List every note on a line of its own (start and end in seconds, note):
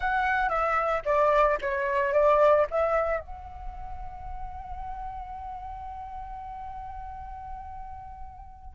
0.00 0.49 F#5
0.49 1.02 E5
1.05 1.58 D5
1.61 2.13 C#5
2.13 2.66 D5
2.70 3.20 E5
3.20 8.75 F#5